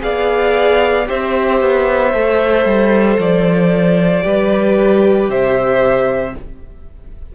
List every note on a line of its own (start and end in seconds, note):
0.00 1.09 B3
0.00 1.05 G#4
0.00 1.08 D5
0.00 1.07 F5
1.06 1.61 C4
1.06 2.11 G4
1.06 4.24 C5
1.06 3.20 E5
1.61 2.14 B3
2.14 2.65 A3
2.14 4.23 A4
2.65 3.18 G3
3.18 4.23 F3
3.18 5.30 D5
4.23 5.29 G3
4.23 6.33 G4
4.23 5.30 B4
5.29 6.34 C3
5.29 6.35 C5
5.29 6.35 E5